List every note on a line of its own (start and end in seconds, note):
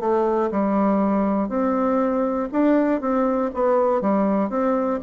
0.00 0.50 A3
0.51 1.49 G3
1.49 2.49 C4
2.52 3.01 D4
3.01 3.51 C4
3.54 4.01 B3
4.01 4.50 G3
4.50 5.00 C4